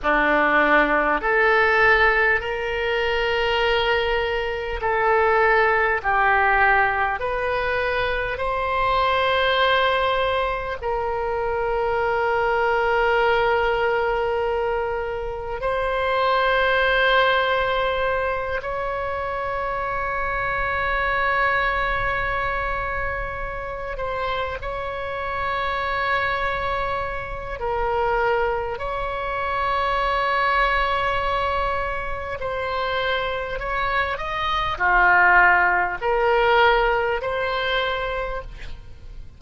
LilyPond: \new Staff \with { instrumentName = "oboe" } { \time 4/4 \tempo 4 = 50 d'4 a'4 ais'2 | a'4 g'4 b'4 c''4~ | c''4 ais'2.~ | ais'4 c''2~ c''8 cis''8~ |
cis''1 | c''8 cis''2~ cis''8 ais'4 | cis''2. c''4 | cis''8 dis''8 f'4 ais'4 c''4 | }